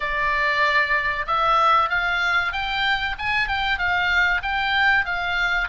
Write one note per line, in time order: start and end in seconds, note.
0.00 1.26 D5
1.27 1.89 E5
1.89 2.52 F5
2.52 3.15 G5
3.18 3.47 G#5
3.47 3.78 G5
3.78 4.41 F5
4.42 5.05 G5
5.05 5.68 F5